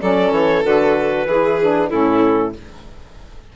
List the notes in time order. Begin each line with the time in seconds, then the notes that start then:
0.00 F#3 C#4 A4 D5
0.31 E3 C#5
0.63 D3 F#4 B4
1.25 E3 E4 G#4
1.61 D4
1.90 A2 C#4 E4 A4